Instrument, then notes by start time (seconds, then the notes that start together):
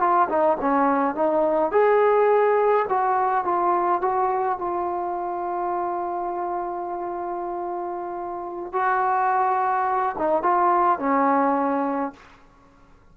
trombone
0.00 F4
0.29 D#4
0.61 C#4
1.15 D#4
1.72 G#4
2.89 F#4
3.45 F4
4.02 F#4
4.59 F4
8.73 F#4
10.19 D#4
10.43 F4
10.99 C#4